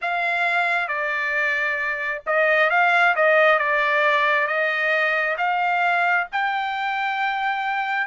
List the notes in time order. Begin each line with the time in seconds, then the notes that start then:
0.01 F5
0.88 D5
2.26 D#5
2.69 F5
3.15 D#5
3.58 D5
4.47 D#5
5.37 F5
6.32 G5